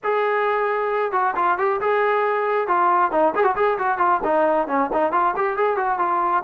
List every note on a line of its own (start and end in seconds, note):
0.03 1.12 G#4
1.12 1.34 F#4
1.35 1.58 F4
1.58 1.80 G4
1.80 2.67 G#4
2.67 3.11 F4
3.11 3.33 D#4
3.35 3.44 G#4
3.44 3.55 F#4
3.56 3.78 G#4
3.78 3.98 F#4
3.98 4.20 F4
4.23 4.67 D#4
4.67 4.89 C#4
4.92 5.12 D#4
5.12 5.34 F4
5.36 5.56 G4
5.56 5.77 G#4
5.77 5.99 F#4
5.99 6.43 F4